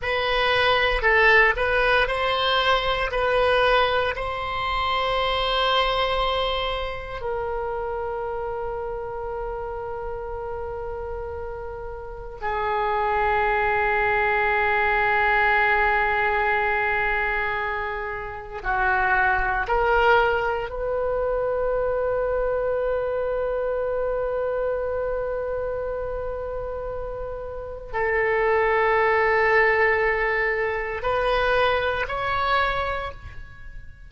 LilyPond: \new Staff \with { instrumentName = "oboe" } { \time 4/4 \tempo 4 = 58 b'4 a'8 b'8 c''4 b'4 | c''2. ais'4~ | ais'1 | gis'1~ |
gis'2 fis'4 ais'4 | b'1~ | b'2. a'4~ | a'2 b'4 cis''4 | }